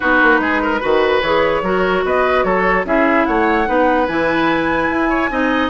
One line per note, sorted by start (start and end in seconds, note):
0.00 0.22 B3
0.00 0.80 D#4
0.00 0.41 F#4
0.00 1.21 B4
0.22 0.39 A#3
0.39 0.80 G#3
0.39 0.61 G#4
0.62 0.80 A#4
0.80 1.21 D#3
0.80 1.21 F#4
0.80 1.62 B4
1.21 1.61 E3
1.21 1.63 G#4
1.21 2.02 C#5
1.61 2.02 F#3
1.61 2.85 F#4
1.61 2.04 A#4
2.04 2.44 B3
2.04 2.45 B4
2.04 2.43 D#5
2.43 2.85 F#3
2.43 2.86 A4
2.43 2.84 C#5
2.85 3.25 C#4
2.85 3.66 E4
2.85 3.27 G#4
2.85 3.25 E5
3.25 3.68 A3
3.25 3.68 C#5
3.25 4.06 F#5
3.66 4.08 B3
3.66 4.07 D#4
3.66 5.09 B4
4.07 4.89 E3
4.07 5.30 E4
4.07 5.70 G#5
4.89 5.29 E4
5.09 5.29 C#5
5.29 5.70 C4
5.29 5.70 D#4
5.29 5.70 D#5